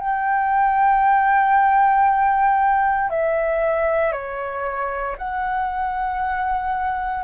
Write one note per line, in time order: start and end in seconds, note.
0.00 3.09 G5
3.09 4.12 E5
4.12 5.15 C#5
5.17 7.24 F#5